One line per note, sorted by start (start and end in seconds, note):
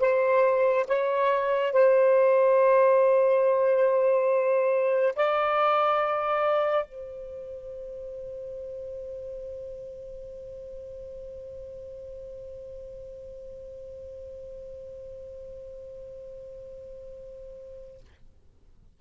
0.00 0.86 C5
0.88 1.73 C#5
1.73 5.15 C5
5.16 6.86 D5
6.86 18.00 C5